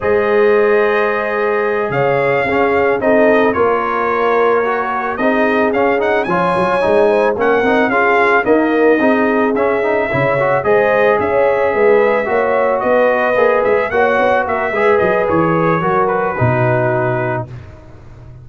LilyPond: <<
  \new Staff \with { instrumentName = "trumpet" } { \time 4/4 \tempo 4 = 110 dis''2.~ dis''8 f''8~ | f''4. dis''4 cis''4.~ | cis''4. dis''4 f''8 fis''8 gis''8~ | gis''4. fis''4 f''4 dis''8~ |
dis''4. e''2 dis''8~ | dis''8 e''2. dis''8~ | dis''4 e''8 fis''4 e''4 dis''8 | cis''4. b'2~ b'8 | }
  \new Staff \with { instrumentName = "horn" } { \time 4/4 c''2.~ c''8 cis''8~ | cis''8 gis'4 a'4 ais'4.~ | ais'4. gis'2 cis''8~ | cis''4 c''8 ais'4 gis'4 ais'8~ |
ais'8 gis'2 cis''4 c''8~ | c''8 cis''4 b'4 cis''4 b'8~ | b'4. cis''4 ais'8 b'4~ | b'4 ais'4 fis'2 | }
  \new Staff \with { instrumentName = "trombone" } { \time 4/4 gis'1~ | gis'8 cis'4 dis'4 f'4.~ | f'8 fis'4 dis'4 cis'8 dis'8 f'8~ | f'8 dis'4 cis'8 dis'8 f'4 ais8~ |
ais8 dis'4 cis'8 dis'8 e'8 fis'8 gis'8~ | gis'2~ gis'8 fis'4.~ | fis'8 gis'4 fis'4. gis'4~ | gis'4 fis'4 dis'2 | }
  \new Staff \with { instrumentName = "tuba" } { \time 4/4 gis2.~ gis8 cis8~ | cis8 cis'4 c'4 ais4.~ | ais4. c'4 cis'4 f8 | fis8 gis4 ais8 c'8 cis'4 dis'8~ |
dis'8 c'4 cis'4 cis4 gis8~ | gis8 cis'4 gis4 ais4 b8~ | b8 ais8 gis8 ais8 b8 ais8 gis8 fis8 | e4 fis4 b,2 | }
>>